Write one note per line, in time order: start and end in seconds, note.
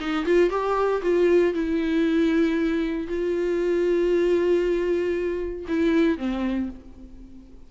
0.00 0.26 D#4
0.26 0.50 F4
0.50 1.02 G4
1.02 1.54 F4
1.54 3.08 E4
3.08 5.66 F4
5.68 6.18 E4
6.18 6.70 C4